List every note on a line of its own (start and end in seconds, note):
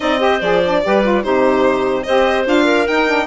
0.00 0.41 C4
0.00 0.19 D#4
0.00 0.20 D5
0.00 0.40 D#5
0.19 0.39 G4
0.19 0.82 C5
0.40 0.82 F3
0.40 0.62 G#4
0.40 1.23 D5
0.64 0.84 D4
0.84 1.24 G3
0.84 1.02 G4
0.84 1.24 B4
1.02 1.22 F4
1.22 2.06 C3
1.22 2.04 D#4
1.22 2.04 G4
1.22 2.03 C5
2.03 2.46 C4
2.03 2.44 G4
2.03 2.64 C5
2.03 2.44 D#5
2.44 2.87 D4
2.44 2.85 F4
2.44 2.87 F5
2.64 3.26 A#4
2.87 3.26 D#4
2.87 3.07 D#4
2.87 3.26 G5
3.07 3.26 D4